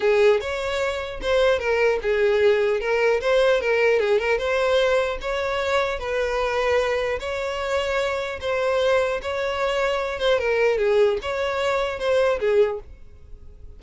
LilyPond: \new Staff \with { instrumentName = "violin" } { \time 4/4 \tempo 4 = 150 gis'4 cis''2 c''4 | ais'4 gis'2 ais'4 | c''4 ais'4 gis'8 ais'8 c''4~ | c''4 cis''2 b'4~ |
b'2 cis''2~ | cis''4 c''2 cis''4~ | cis''4. c''8 ais'4 gis'4 | cis''2 c''4 gis'4 | }